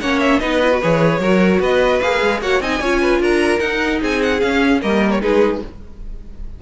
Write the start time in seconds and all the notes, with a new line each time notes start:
0.00 A#3 C#4 C#5 F#5
0.20 E5
0.39 B3 D#4 B4 D#5
0.62 E4
0.71 F#4
0.82 E3 G#4 C#5
1.19 F#3 F#4 A#4
1.59 B3 B4 D#5
2.00 A#3 G#4 F5
2.22 G#3
2.40 A#3 F#4 C#5 F#5
2.60 C4 D#4 D#5 G#5
2.80 C#4 F4 C#5
3.01 B4
3.19 D4 A#4 A#5
3.59 D#4 F#5
4.01 C4 G#4 G#5
4.22 F#5
4.40 C#4 F5
4.81 G3 A#3 A#4 D#5
5.10 C#5
5.20 G#3 D#4 G#4 B4